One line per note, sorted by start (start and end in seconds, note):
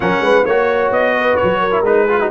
0.00 0.20 F#3
0.00 0.45 C#4
0.00 0.23 A#4
0.00 0.45 F#5
0.20 0.43 G#3
0.20 0.46 B4
0.45 0.90 A#3
0.45 1.71 F#4
0.45 0.91 C#5
0.45 1.15 C#5
0.90 1.36 B3
0.90 1.36 D#5
1.18 1.60 B4
1.36 1.82 C#5
1.43 1.81 F#3
1.60 2.05 A#4
1.71 1.82 E4
1.81 2.27 G#3
1.81 2.08 D#4
1.81 2.31 B4
2.05 2.20 F4
2.05 2.16 G#4
2.20 2.31 D#4
2.20 2.31 F#4